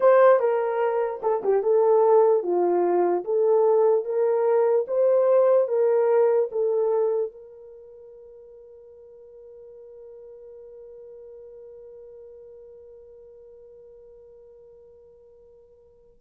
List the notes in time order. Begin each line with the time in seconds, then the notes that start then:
0.00 C5
0.39 A#4
1.22 A4
1.43 G4
1.63 A4
2.43 F4
3.24 A4
4.04 A#4
4.87 C5
5.68 A#4
6.51 A4
7.31 A#4